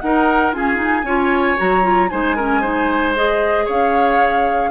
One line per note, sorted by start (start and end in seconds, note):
0.00 0.54 D#4
0.00 0.53 D#4
0.00 0.56 A#4
0.00 0.52 F#5
0.53 0.76 C#4
0.53 1.03 F4
0.53 1.06 G#4
0.53 1.58 G#5
0.76 1.02 D#4
1.03 1.56 C#4
1.03 1.57 F4
1.03 2.10 C#5
1.57 2.12 F#3
1.57 1.83 F#4
1.57 2.10 A#5
1.83 2.09 F4
2.10 3.68 G#3
2.10 2.37 D#4
2.10 2.36 C5
2.10 3.14 G#5
2.36 2.63 C#4
2.36 2.61 A#4
2.61 3.15 D#4
2.61 3.65 C5
3.15 4.71 G#4
3.15 3.67 D#5
3.66 4.71 C#4
3.66 4.70 C#5
3.66 4.71 F5